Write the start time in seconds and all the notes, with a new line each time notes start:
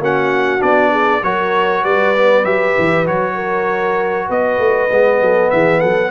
0.00 A#3 C#4 F#4 F#5
0.60 B3 D4 D5
0.91 G#4
1.23 F#3 F#4 A#4 C#5
1.83 G3 B4 D5
2.17 B3
2.44 F#3 G4 E5
2.78 E3
3.06 F#3 F#4 C#5
3.35 A#4
4.27 B3 B4 D#5
4.59 A3
4.91 G#3 B3
5.21 F#3 A4
5.51 E3 G#4 E5
5.80 F#3 A4 F#5